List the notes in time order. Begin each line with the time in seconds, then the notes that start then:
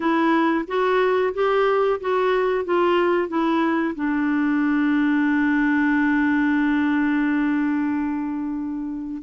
0.00 E4
0.67 F#4
1.34 G4
2.00 F#4
2.65 F4
3.28 E4
3.95 D4